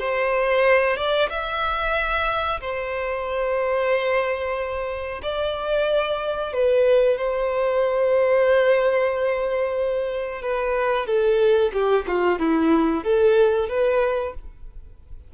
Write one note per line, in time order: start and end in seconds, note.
0.00 0.97 C5
0.97 1.30 D5
1.30 2.61 E5
2.61 5.22 C5
5.23 6.53 D5
6.54 7.18 B4
7.18 10.42 C5
10.42 11.07 B4
11.07 11.72 A4
11.73 12.06 G4
12.08 12.39 F4
12.39 13.04 E4
13.04 13.70 A4
13.70 14.35 B4